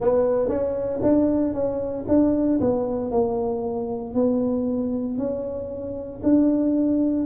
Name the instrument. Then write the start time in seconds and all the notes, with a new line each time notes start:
tuba
0.00 B3
0.48 C#4
1.02 D4
1.53 C#4
2.08 D4
2.60 B3
3.11 A#3
4.14 B3
5.17 C#4
6.23 D4